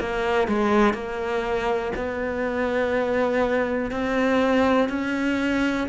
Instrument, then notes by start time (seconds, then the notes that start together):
cello
0.00 A#3
0.48 G#3
0.94 A#3
1.96 B3
3.92 C4
4.90 C#4